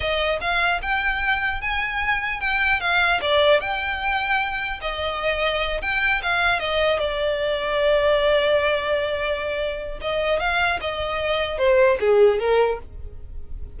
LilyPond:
\new Staff \with { instrumentName = "violin" } { \time 4/4 \tempo 4 = 150 dis''4 f''4 g''2 | gis''2 g''4 f''4 | d''4 g''2. | dis''2~ dis''8 g''4 f''8~ |
f''8 dis''4 d''2~ d''8~ | d''1~ | d''4 dis''4 f''4 dis''4~ | dis''4 c''4 gis'4 ais'4 | }